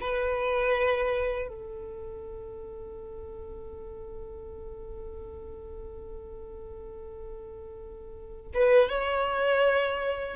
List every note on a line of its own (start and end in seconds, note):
0.00 1.47 B4
1.47 8.51 A4
8.54 8.89 B4
8.89 10.36 C#5